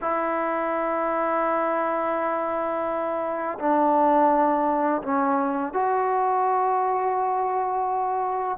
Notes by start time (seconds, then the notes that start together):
0.01 E4
3.59 D4
5.02 C#4
5.73 F#4